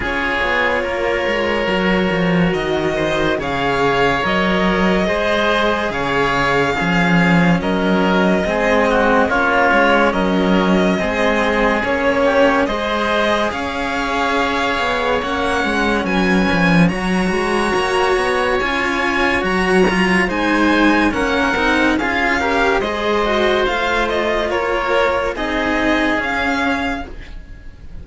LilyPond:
<<
  \new Staff \with { instrumentName = "violin" } { \time 4/4 \tempo 4 = 71 cis''2. dis''4 | f''4 dis''2 f''4~ | f''4 dis''2 cis''4 | dis''2 cis''4 dis''4 |
f''2 fis''4 gis''4 | ais''2 gis''4 ais''4 | gis''4 fis''4 f''4 dis''4 | f''8 dis''8 cis''4 dis''4 f''4 | }
  \new Staff \with { instrumentName = "oboe" } { \time 4/4 gis'4 ais'2~ ais'8 c''8 | cis''2 c''4 cis''4 | gis'4 ais'4 gis'8 fis'8 f'4 | ais'4 gis'4. g'8 c''4 |
cis''2. b'4 | cis''1 | c''4 ais'4 gis'8 ais'8 c''4~ | c''4 ais'4 gis'2 | }
  \new Staff \with { instrumentName = "cello" } { \time 4/4 f'2 fis'2 | gis'4 ais'4 gis'2 | cis'2 c'4 cis'4~ | cis'4 c'4 cis'4 gis'4~ |
gis'2 cis'2 | fis'2 f'4 fis'8 f'8 | dis'4 cis'8 dis'8 f'8 g'8 gis'8 fis'8 | f'2 dis'4 cis'4 | }
  \new Staff \with { instrumentName = "cello" } { \time 4/4 cis'8 b8 ais8 gis8 fis8 f8 dis4 | cis4 fis4 gis4 cis4 | f4 fis4 gis4 ais8 gis8 | fis4 gis4 ais4 gis4 |
cis'4. b8 ais8 gis8 fis8 f8 | fis8 gis8 ais8 b8 cis'4 fis4 | gis4 ais8 c'8 cis'4 gis4 | a4 ais4 c'4 cis'4 | }
>>